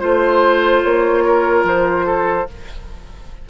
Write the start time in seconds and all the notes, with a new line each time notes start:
0.00 A3 F4 C5
0.83 A#3 C#5
1.24 A#4
1.64 F3 C5
2.06 A4